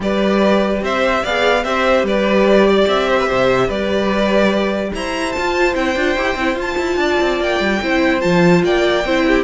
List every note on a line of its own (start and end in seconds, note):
0.00 0.80 G3
0.00 1.24 G4
0.00 0.83 B4
0.00 0.84 D5
0.82 1.23 C4
0.82 1.22 C5
0.82 1.24 E5
1.22 1.64 B3
1.22 1.65 G#4
1.22 1.63 D5
1.22 1.64 F5
1.64 2.03 C4
1.64 5.35 G4
1.64 2.05 C5
1.64 2.05 E5
2.03 2.85 G3
2.03 2.67 B4
2.03 2.88 D5
2.67 3.08 D5
2.87 3.28 C4
2.87 3.70 E5
3.08 3.18 C5
3.19 3.27 B4
3.27 3.68 C3
3.27 3.66 C5
3.66 4.92 G3
3.66 4.89 B4
3.66 4.93 D5
4.94 5.35 E4
4.94 6.99 C5
4.94 5.32 A#5
5.32 5.74 F4
5.32 5.75 F4
5.32 5.73 A5
5.74 5.95 C4
5.74 5.95 E4
5.74 6.57 G5
5.95 6.16 D4
5.95 6.16 F4
6.16 6.34 E4
6.16 6.37 G4
6.34 6.55 C4
6.34 6.56 E4
6.55 6.75 F4
6.55 7.79 F4
6.61 7.42 A5
6.77 6.96 E4
6.96 7.17 D4
6.96 7.81 D5
7.20 7.40 C4
7.40 7.60 A#3
7.40 8.20 G5
7.60 7.80 G3
7.82 8.23 C4
7.82 8.20 E4
7.82 8.64 C5
8.20 8.63 F3
8.20 9.02 F4
8.20 8.61 A5
8.63 9.04 A#3
8.63 9.05 D5
8.63 9.43 G5
9.04 9.43 C4
9.04 9.43 E4
9.04 9.26 C5
9.26 9.43 G4